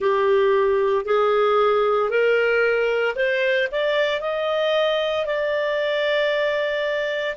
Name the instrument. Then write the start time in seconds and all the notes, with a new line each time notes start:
clarinet
0.00 G4
1.05 G#4
2.10 A#4
3.15 C5
3.71 D5
4.21 D#5
5.26 D5